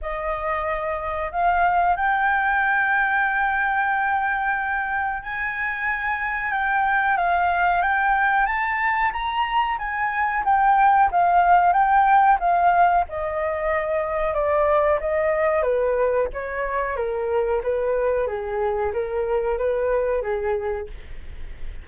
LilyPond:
\new Staff \with { instrumentName = "flute" } { \time 4/4 \tempo 4 = 92 dis''2 f''4 g''4~ | g''1 | gis''2 g''4 f''4 | g''4 a''4 ais''4 gis''4 |
g''4 f''4 g''4 f''4 | dis''2 d''4 dis''4 | b'4 cis''4 ais'4 b'4 | gis'4 ais'4 b'4 gis'4 | }